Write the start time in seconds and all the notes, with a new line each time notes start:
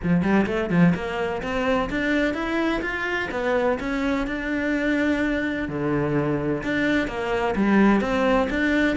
0.03 F3
0.22 G3
0.46 A3
0.70 F3
0.94 A#3
1.42 C4
1.90 D4
2.33 E4
2.81 F4
3.31 B3
3.79 C#4
4.26 D4
5.68 D3
6.63 D4
7.07 A#3
7.55 G3
8.00 C4
8.49 D4